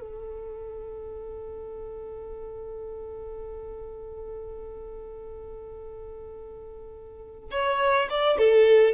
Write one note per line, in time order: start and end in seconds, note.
0.00 7.50 A4
7.51 8.08 C#5
8.10 8.38 D5
8.38 8.93 A4